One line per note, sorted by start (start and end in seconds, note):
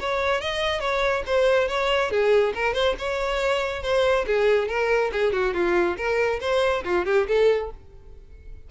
0.00 0.41 C#5
0.41 0.80 D#5
0.80 1.23 C#5
1.26 1.69 C5
1.69 2.11 C#5
2.11 2.54 G#4
2.55 2.74 A#4
2.74 2.96 C5
2.99 3.83 C#5
3.83 4.26 C5
4.27 4.68 G#4
4.68 5.11 A#4
5.12 5.33 G#4
5.33 5.54 F#4
5.54 5.97 F4
5.97 6.40 A#4
6.41 6.84 C5
6.85 7.06 F4
7.06 7.27 G4
7.28 7.71 A4